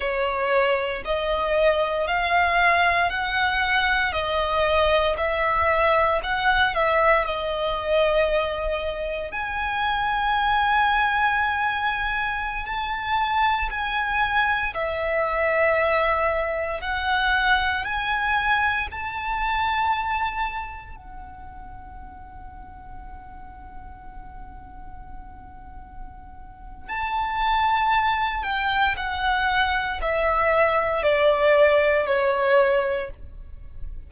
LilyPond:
\new Staff \with { instrumentName = "violin" } { \time 4/4 \tempo 4 = 58 cis''4 dis''4 f''4 fis''4 | dis''4 e''4 fis''8 e''8 dis''4~ | dis''4 gis''2.~ | gis''16 a''4 gis''4 e''4.~ e''16~ |
e''16 fis''4 gis''4 a''4.~ a''16~ | a''16 fis''2.~ fis''8.~ | fis''2 a''4. g''8 | fis''4 e''4 d''4 cis''4 | }